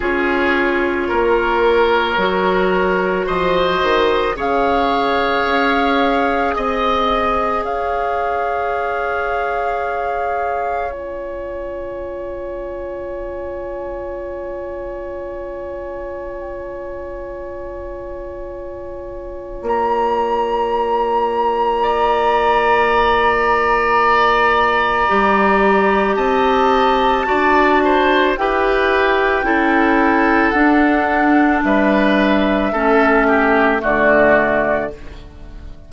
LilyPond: <<
  \new Staff \with { instrumentName = "flute" } { \time 4/4 \tempo 4 = 55 cis''2. dis''4 | f''2 dis''4 f''4~ | f''2 gis''2~ | gis''1~ |
gis''2 ais''2~ | ais''1 | a''2 g''2 | fis''4 e''2 d''4 | }
  \new Staff \with { instrumentName = "oboe" } { \time 4/4 gis'4 ais'2 c''4 | cis''2 dis''4 cis''4~ | cis''1~ | cis''1~ |
cis''1 | d''1 | dis''4 d''8 c''8 b'4 a'4~ | a'4 b'4 a'8 g'8 fis'4 | }
  \new Staff \with { instrumentName = "clarinet" } { \time 4/4 f'2 fis'2 | gis'1~ | gis'2 f'2~ | f'1~ |
f'1~ | f'2. g'4~ | g'4 fis'4 g'4 e'4 | d'2 cis'4 a4 | }
  \new Staff \with { instrumentName = "bassoon" } { \time 4/4 cis'4 ais4 fis4 f8 dis8 | cis4 cis'4 c'4 cis'4~ | cis'1~ | cis'1~ |
cis'2 ais2~ | ais2. g4 | c'4 d'4 e'4 cis'4 | d'4 g4 a4 d4 | }
>>